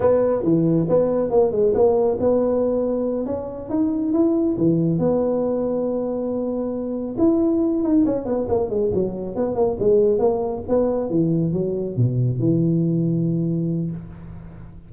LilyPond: \new Staff \with { instrumentName = "tuba" } { \time 4/4 \tempo 4 = 138 b4 e4 b4 ais8 gis8 | ais4 b2~ b8 cis'8~ | cis'8 dis'4 e'4 e4 b8~ | b1~ |
b8 e'4. dis'8 cis'8 b8 ais8 | gis8 fis4 b8 ais8 gis4 ais8~ | ais8 b4 e4 fis4 b,8~ | b,8 e2.~ e8 | }